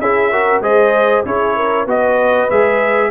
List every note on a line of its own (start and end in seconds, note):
0.00 0.61 C#4
0.00 0.33 E4
0.00 0.32 G#4
0.00 0.63 E5
0.32 0.63 F#4
0.32 0.63 A#4
0.61 1.23 G#3
0.61 1.25 G#4
0.61 1.25 C5
0.61 1.26 D#5
1.26 1.87 C#4
1.26 1.88 E4
1.26 1.56 G#4
1.26 1.89 C#5
1.56 1.85 A#4
1.85 2.49 B3
1.85 2.50 F#4
1.85 3.10 B4
1.85 2.51 D#5
2.51 3.11 G#3
2.51 3.11 G#4
2.51 3.11 E5